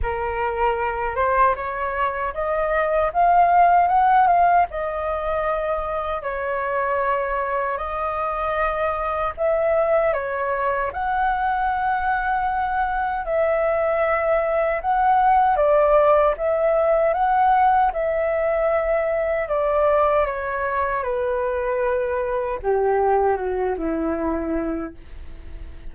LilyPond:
\new Staff \with { instrumentName = "flute" } { \time 4/4 \tempo 4 = 77 ais'4. c''8 cis''4 dis''4 | f''4 fis''8 f''8 dis''2 | cis''2 dis''2 | e''4 cis''4 fis''2~ |
fis''4 e''2 fis''4 | d''4 e''4 fis''4 e''4~ | e''4 d''4 cis''4 b'4~ | b'4 g'4 fis'8 e'4. | }